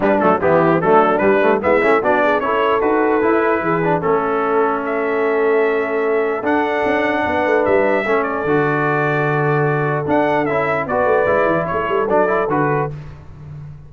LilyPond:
<<
  \new Staff \with { instrumentName = "trumpet" } { \time 4/4 \tempo 4 = 149 b'8 a'8 g'4 a'4 b'4 | e''4 d''4 cis''4 b'4~ | b'2 a'2 | e''1 |
fis''2. e''4~ | e''8 d''2.~ d''8~ | d''4 fis''4 e''4 d''4~ | d''4 cis''4 d''4 b'4 | }
  \new Staff \with { instrumentName = "horn" } { \time 4/4 d'4 e'4 d'2 | e'4 fis'8 gis'8 a'2~ | a'4 gis'4 a'2~ | a'1~ |
a'2 b'2 | a'1~ | a'2. b'4~ | b'4 a'2. | }
  \new Staff \with { instrumentName = "trombone" } { \time 4/4 g8 a8 b4 a4 g8 a8 | b8 cis'8 d'4 e'4 fis'4 | e'4. d'8 cis'2~ | cis'1 |
d'1 | cis'4 fis'2.~ | fis'4 d'4 e'4 fis'4 | e'2 d'8 e'8 fis'4 | }
  \new Staff \with { instrumentName = "tuba" } { \time 4/4 g8 fis8 e4 fis4 g4 | gis8 a8 b4 cis'4 dis'4 | e'4 e4 a2~ | a1 |
d'4 cis'4 b8 a8 g4 | a4 d2.~ | d4 d'4 cis'4 b8 a8 | gis8 e8 a8 g8 fis4 d4 | }
>>